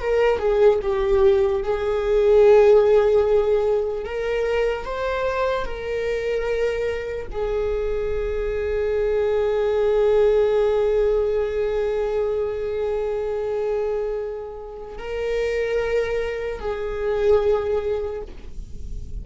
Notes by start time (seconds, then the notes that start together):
0.00 A#4
0.39 G#4
0.81 G4
1.63 G#4
4.05 A#4
4.85 C5
5.65 A#4
7.31 G#4
14.98 A#4
16.59 G#4